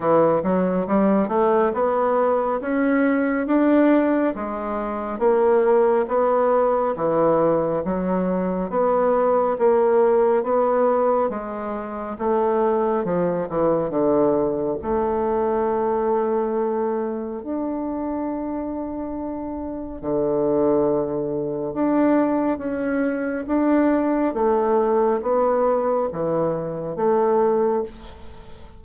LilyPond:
\new Staff \with { instrumentName = "bassoon" } { \time 4/4 \tempo 4 = 69 e8 fis8 g8 a8 b4 cis'4 | d'4 gis4 ais4 b4 | e4 fis4 b4 ais4 | b4 gis4 a4 f8 e8 |
d4 a2. | d'2. d4~ | d4 d'4 cis'4 d'4 | a4 b4 e4 a4 | }